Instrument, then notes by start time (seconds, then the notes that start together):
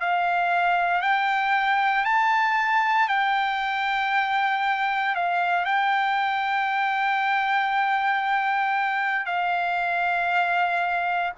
trumpet
0.00 F5
1.02 G5
2.05 A5
3.08 G5
5.15 F5
5.65 G5
9.26 F5